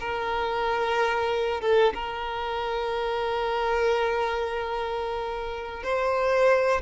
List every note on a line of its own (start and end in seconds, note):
0.00 1.60 A#4
1.60 1.93 A4
1.94 5.83 A#4
5.83 6.81 C5